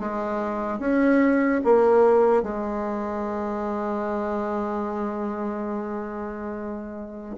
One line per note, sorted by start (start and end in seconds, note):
0.00 0.79 G#3
0.79 1.61 C#4
1.64 2.43 A#3
2.43 7.36 G#3